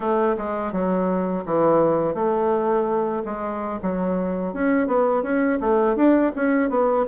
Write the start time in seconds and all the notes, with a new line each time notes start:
0.00 A3
0.37 G#3
0.72 F#3
1.45 E3
2.14 A3
3.25 G#3
3.82 F#3
4.53 C#4
4.87 B3
5.22 C#4
5.60 A3
5.96 D4
6.35 C#4
6.69 B3